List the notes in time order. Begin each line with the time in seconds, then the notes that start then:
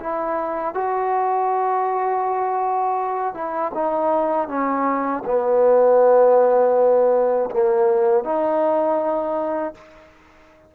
0.00 E4
0.74 F#4
3.34 E4
3.74 D#4
4.48 C#4
5.25 B3
7.50 A#3
8.24 D#4